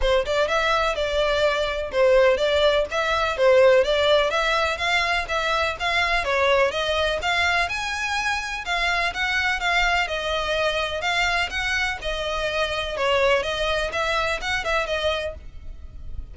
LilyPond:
\new Staff \with { instrumentName = "violin" } { \time 4/4 \tempo 4 = 125 c''8 d''8 e''4 d''2 | c''4 d''4 e''4 c''4 | d''4 e''4 f''4 e''4 | f''4 cis''4 dis''4 f''4 |
gis''2 f''4 fis''4 | f''4 dis''2 f''4 | fis''4 dis''2 cis''4 | dis''4 e''4 fis''8 e''8 dis''4 | }